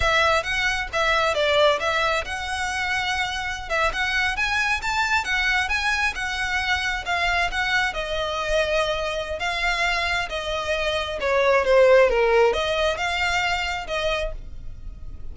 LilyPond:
\new Staff \with { instrumentName = "violin" } { \time 4/4 \tempo 4 = 134 e''4 fis''4 e''4 d''4 | e''4 fis''2.~ | fis''16 e''8 fis''4 gis''4 a''4 fis''16~ | fis''8. gis''4 fis''2 f''16~ |
f''8. fis''4 dis''2~ dis''16~ | dis''4 f''2 dis''4~ | dis''4 cis''4 c''4 ais'4 | dis''4 f''2 dis''4 | }